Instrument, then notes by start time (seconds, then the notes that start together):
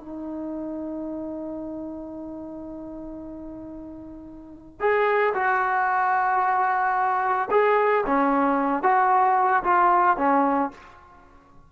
trombone
0.00 D#4
4.80 G#4
5.35 F#4
7.51 G#4
8.07 C#4
8.83 F#4
9.64 F4
10.18 C#4